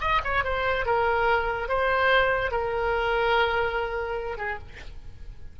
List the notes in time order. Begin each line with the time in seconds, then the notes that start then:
0.00 D#5
0.23 C#5
0.43 C5
0.85 A#4
1.68 C5
2.51 A#4
4.37 G#4